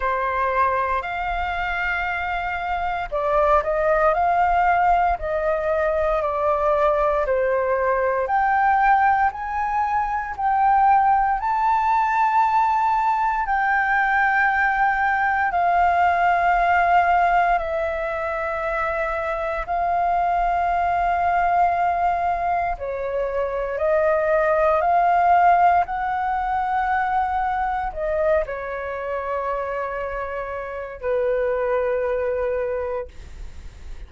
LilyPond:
\new Staff \with { instrumentName = "flute" } { \time 4/4 \tempo 4 = 58 c''4 f''2 d''8 dis''8 | f''4 dis''4 d''4 c''4 | g''4 gis''4 g''4 a''4~ | a''4 g''2 f''4~ |
f''4 e''2 f''4~ | f''2 cis''4 dis''4 | f''4 fis''2 dis''8 cis''8~ | cis''2 b'2 | }